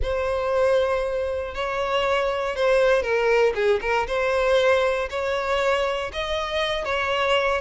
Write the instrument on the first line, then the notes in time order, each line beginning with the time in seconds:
violin
0.02 C5
1.54 C#5
2.55 C5
3.02 A#4
3.54 G#4
3.81 A#4
4.07 C5
5.09 C#5
6.12 D#5
6.85 C#5